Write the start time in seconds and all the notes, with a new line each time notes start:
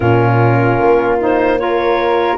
0.00 A#2 C#4 F4 A#4
0.78 A#3
1.19 D#4 C5
1.58 F4 A#4 C#5